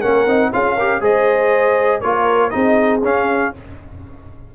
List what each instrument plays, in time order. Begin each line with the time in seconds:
0.00 tuba A#3, trombone C#4, horn A#4, trumpet F#5
0.26 tuba C4, trombone D#4
0.52 tuba C#4, trombone F4, horn G#4, trumpet F5
0.75 trombone G4, horn A#4
1.01 tuba G#3, trombone G#4, horn C5, trumpet D#5
2.01 tuba A#3, trombone F4, horn A#4, trumpet C#5
2.50 tuba C4, trombone D#4, horn G#4, trumpet D#5
3.02 tuba C#4, trombone C#4, trumpet F5